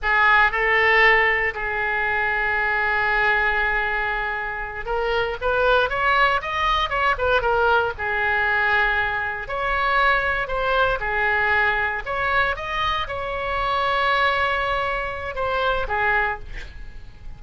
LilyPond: \new Staff \with { instrumentName = "oboe" } { \time 4/4 \tempo 4 = 117 gis'4 a'2 gis'4~ | gis'1~ | gis'4. ais'4 b'4 cis''8~ | cis''8 dis''4 cis''8 b'8 ais'4 gis'8~ |
gis'2~ gis'8 cis''4.~ | cis''8 c''4 gis'2 cis''8~ | cis''8 dis''4 cis''2~ cis''8~ | cis''2 c''4 gis'4 | }